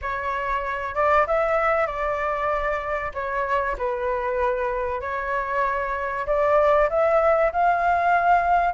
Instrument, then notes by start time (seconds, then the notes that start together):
flute
0.01 C#5
0.95 D5
1.26 E5
1.86 D5
3.13 C#5
3.78 B4
5.01 C#5
6.26 D5
6.89 E5
7.52 F5